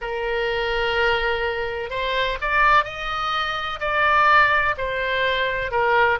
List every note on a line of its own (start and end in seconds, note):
0.01 1.90 A#4
1.90 2.37 C5
2.41 2.84 D5
2.84 3.79 D#5
3.80 4.75 D5
4.77 5.71 C5
5.71 6.19 A#4